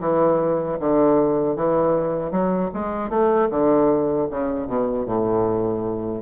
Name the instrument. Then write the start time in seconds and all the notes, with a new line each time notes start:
bassoon
0.00 E3
0.80 D3
1.56 E3
2.31 F#3
2.74 G#3
3.10 A3
3.50 D3
4.30 C#3
4.68 B2
5.06 A2